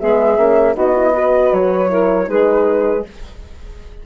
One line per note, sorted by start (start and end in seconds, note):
0.00 0.38 G#3
0.00 0.38 B3
0.00 0.74 G#4
0.00 0.76 E5
0.38 0.76 A#3
0.38 0.75 C#4
0.74 1.52 B3
0.74 0.94 D#4
0.74 1.12 F#4
0.74 1.54 D#5
0.96 1.14 E4
1.14 1.89 F#4
1.14 1.91 B4
1.53 2.28 F#3
1.53 2.30 C#5
1.89 2.25 E4
1.89 2.28 A#4
2.25 3.04 G#3
2.25 3.01 D#4
2.25 3.06 G#4
2.25 3.06 B4